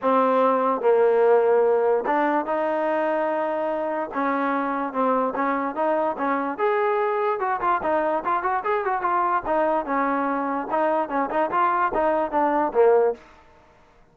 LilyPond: \new Staff \with { instrumentName = "trombone" } { \time 4/4 \tempo 4 = 146 c'2 ais2~ | ais4 d'4 dis'2~ | dis'2 cis'2 | c'4 cis'4 dis'4 cis'4 |
gis'2 fis'8 f'8 dis'4 | f'8 fis'8 gis'8 fis'8 f'4 dis'4 | cis'2 dis'4 cis'8 dis'8 | f'4 dis'4 d'4 ais4 | }